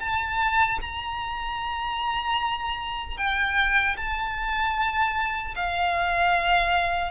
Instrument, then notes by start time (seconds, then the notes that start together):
violin
0.00 A5
0.81 A#5
3.17 G5
3.97 A5
5.56 F5